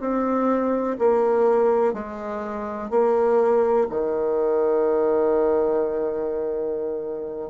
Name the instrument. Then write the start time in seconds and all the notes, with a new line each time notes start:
bassoon
0.00 C4
0.99 A#3
1.93 G#3
2.90 A#3
3.90 D#3